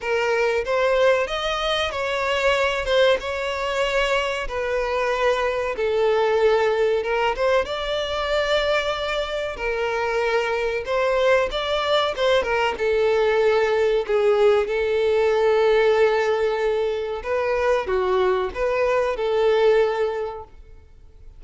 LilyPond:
\new Staff \with { instrumentName = "violin" } { \time 4/4 \tempo 4 = 94 ais'4 c''4 dis''4 cis''4~ | cis''8 c''8 cis''2 b'4~ | b'4 a'2 ais'8 c''8 | d''2. ais'4~ |
ais'4 c''4 d''4 c''8 ais'8 | a'2 gis'4 a'4~ | a'2. b'4 | fis'4 b'4 a'2 | }